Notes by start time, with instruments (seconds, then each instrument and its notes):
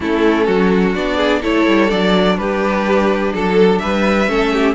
0.00 cello A3, viola C#4, violin E4 A4
0.46 cello F#3, violin F#4
0.95 cello B3, viola D4, violin D5
1.16 violin G#4
1.41 cello A3, viola E4, violin A4 C#5
1.67 cello G3
1.88 cello F#3, viola D4, violin D5
2.37 cello G3, violin G4 B4
3.33 cello F#3, violin A4
3.78 cello G3, violin B4 E5
4.27 cello A3, viola C#4, violin A4
4.53 violin G4